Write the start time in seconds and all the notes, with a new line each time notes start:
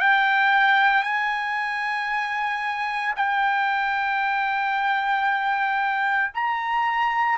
0.00 G5
1.03 G#5
3.16 G5
6.34 A#5